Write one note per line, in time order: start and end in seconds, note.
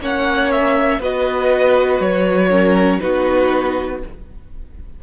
0.00 1.00 A#3
0.00 1.01 C#4
0.00 0.99 C#5
0.00 0.52 F#5
0.52 1.02 E5
0.99 2.00 B3
0.99 2.51 F#4
0.99 2.49 B4
0.99 2.02 D#5
2.00 3.00 F#3
2.00 3.00 C#5
2.50 3.01 C#4
2.50 3.00 A#4
3.00 4.03 B3
3.00 4.01 D#4
3.00 4.03 F#4
3.00 4.00 B4